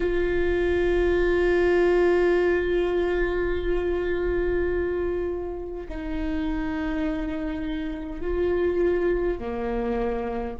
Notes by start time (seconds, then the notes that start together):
0.00 F4
5.88 D#4
8.21 F4
9.39 A#3